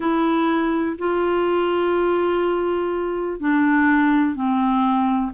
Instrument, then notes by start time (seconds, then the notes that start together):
clarinet
0.00 E4
0.98 F4
3.40 D4
4.35 C4